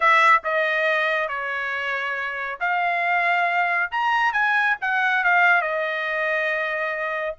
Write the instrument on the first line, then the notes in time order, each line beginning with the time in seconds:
trumpet
0.00 E5
0.44 D#5
1.28 C#5
2.59 F5
3.91 A#5
4.32 G#5
4.81 F#5
5.24 F5
5.61 D#5